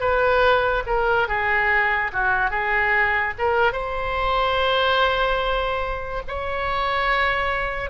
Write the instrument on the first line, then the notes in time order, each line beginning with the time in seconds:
oboe
0.00 B4
0.87 A#4
1.28 G#4
2.13 F#4
2.50 G#4
3.39 A#4
3.73 C5
6.28 C#5